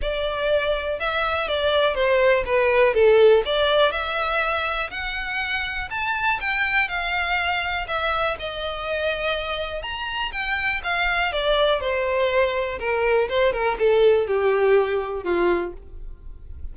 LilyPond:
\new Staff \with { instrumentName = "violin" } { \time 4/4 \tempo 4 = 122 d''2 e''4 d''4 | c''4 b'4 a'4 d''4 | e''2 fis''2 | a''4 g''4 f''2 |
e''4 dis''2. | ais''4 g''4 f''4 d''4 | c''2 ais'4 c''8 ais'8 | a'4 g'2 f'4 | }